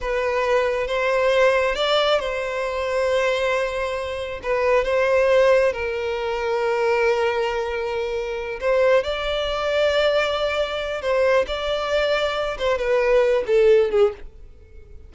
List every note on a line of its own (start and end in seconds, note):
0.00 0.87 B4
0.87 1.75 C5
1.75 2.19 D5
2.19 4.40 C5
4.42 4.84 B4
4.84 5.72 C5
5.73 8.59 A#4
8.60 9.03 C5
9.03 11.01 D5
11.01 11.45 C5
11.47 12.57 D5
12.58 12.78 C5
12.78 13.44 B4
13.46 13.90 A4
13.91 14.13 G#4